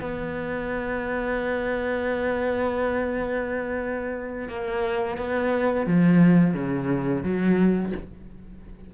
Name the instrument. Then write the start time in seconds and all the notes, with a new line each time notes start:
cello
0.00 B3
4.49 A#3
5.17 B3
5.86 F3
6.54 C#3
7.23 F#3